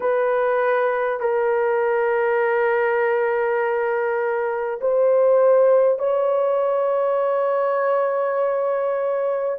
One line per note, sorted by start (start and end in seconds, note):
0.00 1.20 B4
1.20 4.80 A#4
4.80 5.98 C5
5.98 9.58 C#5